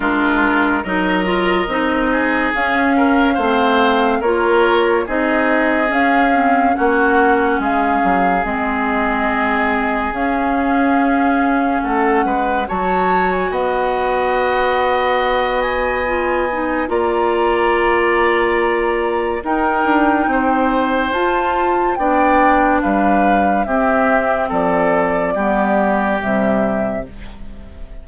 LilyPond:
<<
  \new Staff \with { instrumentName = "flute" } { \time 4/4 \tempo 4 = 71 ais'4 dis''2 f''4~ | f''4 cis''4 dis''4 f''4 | fis''4 f''4 dis''2 | f''2 fis''4 a''8. gis''16 |
fis''2~ fis''8 gis''4. | ais''2. g''4~ | g''4 a''4 g''4 f''4 | e''4 d''2 e''4 | }
  \new Staff \with { instrumentName = "oboe" } { \time 4/4 f'4 ais'4. gis'4 ais'8 | c''4 ais'4 gis'2 | fis'4 gis'2.~ | gis'2 a'8 b'8 cis''4 |
dis''1 | d''2. ais'4 | c''2 d''4 b'4 | g'4 a'4 g'2 | }
  \new Staff \with { instrumentName = "clarinet" } { \time 4/4 d'4 dis'8 f'8 dis'4 cis'4 | c'4 f'4 dis'4 cis'8 c'8 | cis'2 c'2 | cis'2. fis'4~ |
fis'2. f'8 dis'8 | f'2. dis'4~ | dis'4 f'4 d'2 | c'2 b4 g4 | }
  \new Staff \with { instrumentName = "bassoon" } { \time 4/4 gis4 fis4 c'4 cis'4 | a4 ais4 c'4 cis'4 | ais4 gis8 fis8 gis2 | cis'2 a8 gis8 fis4 |
b1 | ais2. dis'8 d'8 | c'4 f'4 b4 g4 | c'4 f4 g4 c4 | }
>>